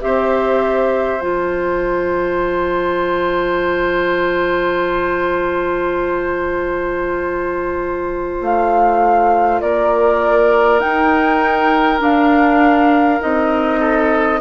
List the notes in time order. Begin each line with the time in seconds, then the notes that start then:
0.00 C4 G4 C5 E5
1.21 F3 F4 A5
8.41 A3 F5
9.61 A#3 A#4 D5
10.79 D#4 G5
11.99 D4 F5
13.19 C4 D#4 D#5
13.79 A4